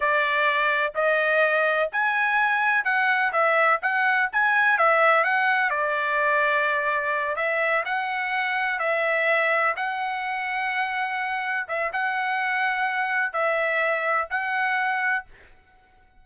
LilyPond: \new Staff \with { instrumentName = "trumpet" } { \time 4/4 \tempo 4 = 126 d''2 dis''2 | gis''2 fis''4 e''4 | fis''4 gis''4 e''4 fis''4 | d''2.~ d''8 e''8~ |
e''8 fis''2 e''4.~ | e''8 fis''2.~ fis''8~ | fis''8 e''8 fis''2. | e''2 fis''2 | }